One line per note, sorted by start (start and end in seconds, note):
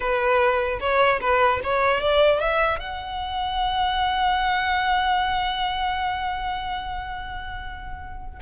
0.00 0.79 B4
0.80 1.20 C#5
1.20 1.60 B4
1.63 2.00 C#5
2.00 2.40 D5
2.40 2.79 E5
2.79 8.39 F#5